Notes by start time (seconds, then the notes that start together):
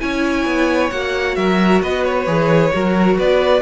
0.00 C#4 E4 C#5 G#5
0.46 B3
0.90 A#3 F#4 F#5
1.36 F#3 A#4 E5
1.83 B3 B4 D#5
2.04 C#5
2.27 E3 G#4
2.73 F#3 F#4 A#4
3.18 B3 B4 D5